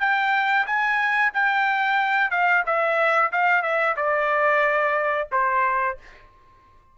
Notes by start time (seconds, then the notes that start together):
0.00 G5
0.66 G#5
1.33 G5
2.30 F5
2.66 E5
3.32 F5
3.62 E5
3.96 D5
5.31 C5